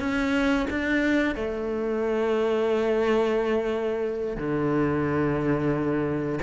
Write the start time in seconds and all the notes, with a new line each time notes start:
0.00 C#4
0.70 D4
1.35 A3
4.37 D3